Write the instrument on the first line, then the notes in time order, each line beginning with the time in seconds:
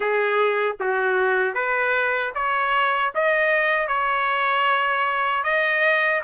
trumpet
0.00 G#4
0.80 F#4
1.54 B4
2.34 C#5
3.14 D#5
3.87 C#5
5.43 D#5